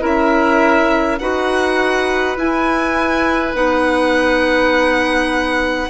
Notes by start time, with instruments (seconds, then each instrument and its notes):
0.00 bassoon C#4, clarinet E4, oboe A#4
0.06 violin E5
1.19 bassoon D#4, clarinet F#4, oboe B4, violin F#5
2.37 clarinet E4, bassoon E4, violin G#5
3.54 bassoon B3, clarinet D#4, violin F#5